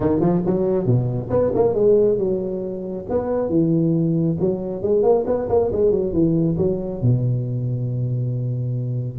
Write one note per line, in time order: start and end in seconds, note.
0.00 0.20 D#3
0.20 0.42 F3
0.46 0.85 F#3
0.85 1.29 B2
1.30 1.52 B3
1.54 1.74 A#3
1.74 2.18 G#3
2.18 3.05 F#3
3.09 3.49 B3
3.49 4.36 E3
4.40 4.82 F#3
4.82 5.03 G#3
5.03 5.25 A#3
5.26 5.48 B3
5.49 5.71 A#3
5.72 5.91 G#3
5.91 6.12 F#3
6.12 6.56 E3
6.57 7.01 F#3
7.01 9.18 B2